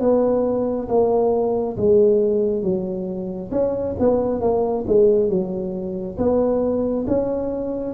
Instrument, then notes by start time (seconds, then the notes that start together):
tuba
0.00 B3
0.88 A#3
1.77 G#3
2.62 F#3
3.51 C#4
3.99 B3
4.41 A#3
4.87 G#3
5.29 F#3
6.18 B3
7.07 C#4